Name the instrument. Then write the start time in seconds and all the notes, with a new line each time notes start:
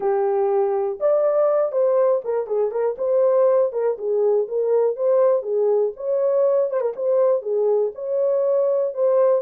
horn
0.00 G4
0.99 D5
1.72 C5
2.24 A#4
2.47 G#4
2.71 A#4
2.98 C5
3.72 A#4
3.98 G#4
4.48 A#4
4.96 C5
5.42 G#4
5.96 C#5
6.70 C5
6.81 A#4
6.96 C5
7.42 G#4
7.94 C#5
8.94 C5